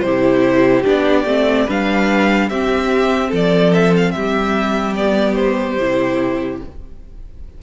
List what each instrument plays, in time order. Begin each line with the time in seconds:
0.00 cello C3, viola E4, violin G4 C5
0.84 cello B3, viola D4, violin D5
1.25 cello A3, viola C4
1.64 cello G3, viola D4, violin B4 F5
2.49 cello C4, viola C4, violin G4 E5
3.29 cello F3, violin A4 D5
3.73 violin E5
3.96 violin F5
4.11 cello G3, violin G4 E5
4.95 viola B3, violin D5
5.35 violin C5
5.78 cello C3, viola E4